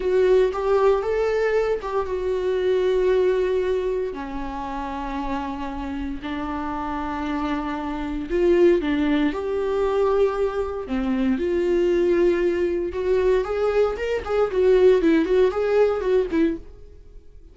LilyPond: \new Staff \with { instrumentName = "viola" } { \time 4/4 \tempo 4 = 116 fis'4 g'4 a'4. g'8 | fis'1 | cis'1 | d'1 |
f'4 d'4 g'2~ | g'4 c'4 f'2~ | f'4 fis'4 gis'4 ais'8 gis'8 | fis'4 e'8 fis'8 gis'4 fis'8 e'8 | }